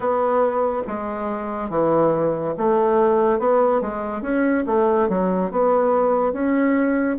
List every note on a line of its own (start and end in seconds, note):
0.00 0.82 B3
0.87 1.69 G#3
1.69 2.54 E3
2.57 3.39 A3
3.39 3.81 B3
3.81 4.22 G#3
4.22 4.64 C#4
4.66 5.09 A3
5.09 5.51 F#3
5.51 6.32 B3
6.32 7.17 C#4